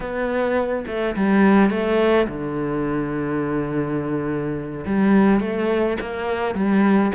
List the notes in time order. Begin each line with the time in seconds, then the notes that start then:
0.00 B3
0.86 A3
1.16 G3
1.70 A3
2.27 D3
4.86 G3
5.40 A3
6.01 A#3
6.55 G3